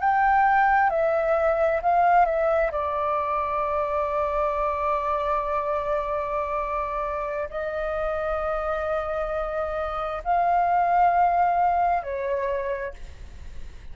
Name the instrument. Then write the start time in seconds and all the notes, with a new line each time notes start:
flute
0.00 G5
0.90 E5
1.82 F5
2.25 E5
2.71 D5
7.50 D#5
10.24 F5
12.02 C#5